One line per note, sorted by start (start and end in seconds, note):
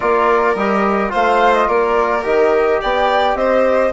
0.00 0.54 A#3
0.00 0.55 F4
0.00 1.11 A#4
0.00 0.55 D5
0.54 1.10 G3
0.54 1.09 G4
0.54 1.11 D#5
1.09 1.68 A3
1.09 2.21 F4
1.09 1.67 C5
1.09 1.53 F5
1.53 1.67 D#5
1.68 2.24 A#3
1.68 2.80 A#4
1.68 2.24 D5
2.22 2.80 D#3
2.22 3.90 G4
2.22 2.81 D#5
2.81 3.35 B3
2.81 3.37 D5
2.81 3.36 G5
3.35 3.91 C4
3.35 3.92 C5
3.35 3.92 D#5